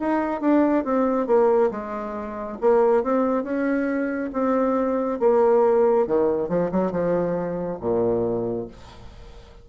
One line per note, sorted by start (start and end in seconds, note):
0.00 0.41 D#4
0.41 0.85 D4
0.85 1.27 C4
1.27 1.70 A#3
1.71 2.58 G#3
2.61 3.03 A#3
3.03 3.44 C4
3.44 4.31 C#4
4.33 5.20 C4
5.20 6.07 A#3
6.07 6.49 D#3
6.49 6.71 F3
6.72 6.92 F#3
6.92 7.79 F3
7.81 8.68 A#2